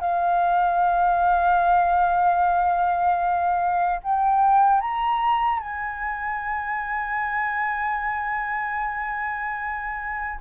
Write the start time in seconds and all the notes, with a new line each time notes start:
0.00 F5
4.03 G5
4.80 A#5
5.59 G#5